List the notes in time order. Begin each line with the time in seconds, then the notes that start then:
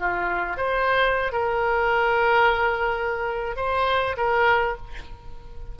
0.00 F4
0.58 C5
1.33 A#4
3.56 C5
4.18 A#4